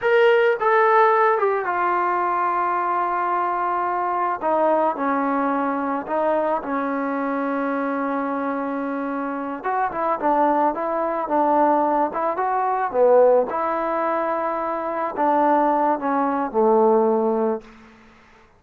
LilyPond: \new Staff \with { instrumentName = "trombone" } { \time 4/4 \tempo 4 = 109 ais'4 a'4. g'8 f'4~ | f'1 | dis'4 cis'2 dis'4 | cis'1~ |
cis'4. fis'8 e'8 d'4 e'8~ | e'8 d'4. e'8 fis'4 b8~ | b8 e'2. d'8~ | d'4 cis'4 a2 | }